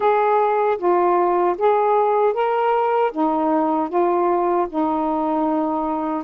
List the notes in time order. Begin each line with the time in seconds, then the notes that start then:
0.00 G#4
0.78 F4
1.58 G#4
2.33 A#4
3.12 D#4
3.89 F4
4.69 D#4